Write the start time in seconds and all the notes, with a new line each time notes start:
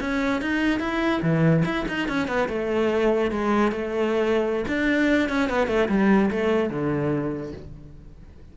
0.00 C#4
0.41 D#4
0.80 E4
1.22 E3
1.65 E4
1.88 D#4
2.08 C#4
2.27 B3
2.48 A3
3.31 G#3
3.71 A3
4.67 D4
5.29 C#4
5.49 B3
5.67 A3
5.88 G3
6.30 A3
6.69 D3